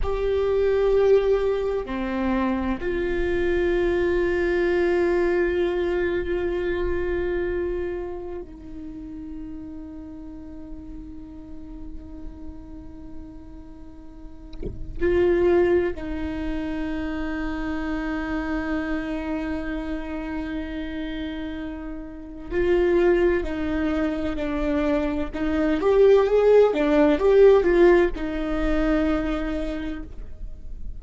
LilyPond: \new Staff \with { instrumentName = "viola" } { \time 4/4 \tempo 4 = 64 g'2 c'4 f'4~ | f'1~ | f'4 dis'2.~ | dis'1 |
f'4 dis'2.~ | dis'1 | f'4 dis'4 d'4 dis'8 g'8 | gis'8 d'8 g'8 f'8 dis'2 | }